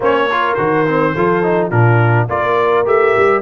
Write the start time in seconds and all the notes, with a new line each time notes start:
0.00 A#3 C#4 C5 C#5
0.29 F4 A#4
0.54 D#3 F#4 C5
0.87 C4
1.14 F3 F4 A4
1.43 D#4
1.69 A#2 D4 F4 A#4
2.29 A#3 F4 A#4 D5
2.85 A3 G4 E5
3.17 G3